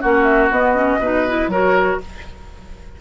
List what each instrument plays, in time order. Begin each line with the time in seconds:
0.00 bassoon A#3, clarinet C#4, oboe F#4, flute F#5
0.23 flute E5
0.50 bassoon B3, clarinet B3, flute D#5
0.74 clarinet C#4
0.98 bassoon B2, clarinet D#4, oboe B4
1.27 clarinet E4
1.47 bassoon F#3, clarinet F#4, oboe A#4, flute C#5